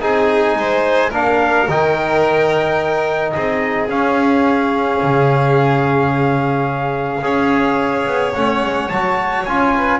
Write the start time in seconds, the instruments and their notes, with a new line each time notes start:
0.00 double bass C4, trombone D#4, violin G#4, trumpet G#5
0.55 double bass G#3, violin C5
1.10 double bass A#3, trombone D4, violin A#4, trumpet F5
1.68 double bass D#3, trombone D#4, trumpet G5
3.31 double bass C4, violin G#4, trumpet D#5
3.88 trombone C#4, double bass C#4, trumpet F5
5.03 double bass C#3
7.22 double bass C#4, trombone G#4, violin C#5
8.06 double bass B3
8.34 double bass A3, trombone C#4, trumpet F#5
8.62 double bass G#3
8.89 double bass F#3, trombone F#4, trumpet A5
9.45 double bass C#4, trombone F4, trumpet G#5
9.77 violin B4